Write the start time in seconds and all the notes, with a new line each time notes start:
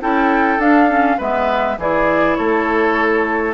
0.00 C#4 E4 A4 G5
0.58 D4 F5
0.89 C#4
1.18 G#3 B3 B4 E5
1.77 E3 E4 G#4 D5
2.35 A3 A4 C#5